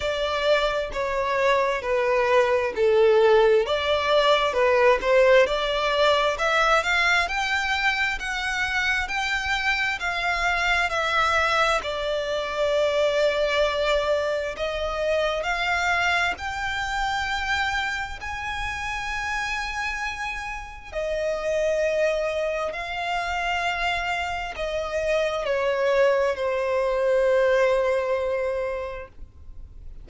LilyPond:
\new Staff \with { instrumentName = "violin" } { \time 4/4 \tempo 4 = 66 d''4 cis''4 b'4 a'4 | d''4 b'8 c''8 d''4 e''8 f''8 | g''4 fis''4 g''4 f''4 | e''4 d''2. |
dis''4 f''4 g''2 | gis''2. dis''4~ | dis''4 f''2 dis''4 | cis''4 c''2. | }